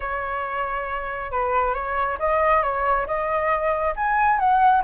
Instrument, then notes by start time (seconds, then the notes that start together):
flute
0.00 C#5
1.31 B4
1.74 C#5
2.19 D#5
2.62 C#5
3.07 D#5
3.95 G#5
4.39 F#5